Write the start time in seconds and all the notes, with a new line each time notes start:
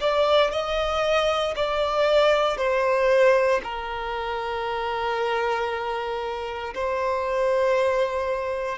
0.00 D5
0.51 D#5
1.56 D5
2.57 C5
3.63 A#4
6.74 C5